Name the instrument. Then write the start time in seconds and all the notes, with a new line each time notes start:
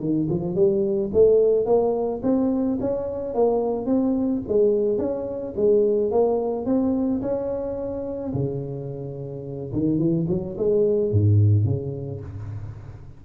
tuba
0.00 D#3
0.30 F3
0.55 G3
1.13 A3
1.65 A#3
2.23 C4
2.80 C#4
3.34 A#3
3.86 C4
4.48 G#3
4.98 C#4
5.56 G#3
6.11 A#3
6.65 C4
7.21 C#4
8.33 C#3
9.72 D#3
9.98 E3
10.28 F#3
10.57 G#3
11.12 G#2
11.65 C#3